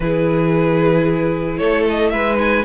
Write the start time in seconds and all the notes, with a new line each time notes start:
0.00 E3 E4 G#4 B4
1.57 A3 A4 C#5
1.89 D#5
2.09 G#3 B4 E5
2.34 D#4 G#5